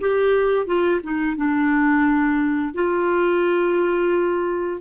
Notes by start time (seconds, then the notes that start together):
0.00 G4
0.66 F4
1.03 D#4
1.36 D4
2.73 F4